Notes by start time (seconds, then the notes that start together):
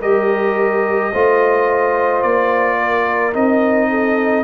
0.00 G3 G4 A#4 D#5
1.13 A3 F4 C5
2.22 A#3 D5
2.80 A#4
3.34 C4 D#4 D#5
3.90 A4